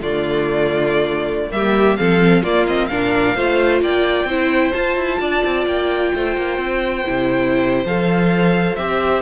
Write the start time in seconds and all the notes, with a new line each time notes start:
0.00 D3 A3 F4 D5
1.51 G3 A#3 G4 E5
1.96 F3 C4 A4 F5
2.42 A#3 F4 D5
2.67 C4 D#5
2.87 A#2 D4 A#4 F5
3.35 A3 F4 C5
3.81 A#3 D5 G5
4.24 C4 E4 C5
4.72 F4 A5
4.96 E4
5.20 D4 D5
5.44 C4
5.66 A#3 G5
6.14 A3 C5
6.37 A#3
6.57 C4
7.05 C3 E4
7.85 F3 A4 F5
8.76 C4 G4 E5